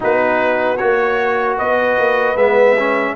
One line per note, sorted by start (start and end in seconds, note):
0.00 0.81 B3
0.00 0.77 D#4
0.00 1.57 F#4
0.00 0.76 B4
0.76 1.60 A#3
0.76 2.37 F#4
0.76 1.55 C#5
1.57 1.98 B3
1.57 3.15 B4
1.57 2.36 D#5
1.98 2.35 A#3
2.35 3.14 G#3
2.35 2.76 B3
2.35 3.15 E5
2.77 3.15 C#4